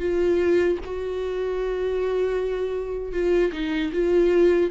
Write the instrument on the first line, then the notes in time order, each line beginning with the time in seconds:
viola
0.00 F4
0.85 F#4
3.13 F4
3.53 D#4
3.93 F4